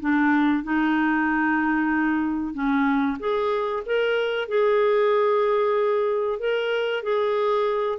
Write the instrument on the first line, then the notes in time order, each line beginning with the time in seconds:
clarinet
0.00 D4
0.63 D#4
2.54 C#4
3.19 G#4
3.86 A#4
4.48 G#4
6.39 A#4
7.03 G#4